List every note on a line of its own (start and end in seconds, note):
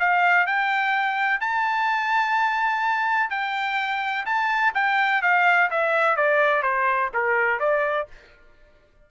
0.00 0.47 F5
0.47 1.41 G5
1.41 3.30 A5
3.30 4.26 G5
4.26 4.74 A5
4.75 5.22 G5
5.23 5.70 F5
5.71 6.17 E5
6.17 6.63 D5
6.63 7.10 C5
7.14 7.60 A#4
7.60 8.08 D5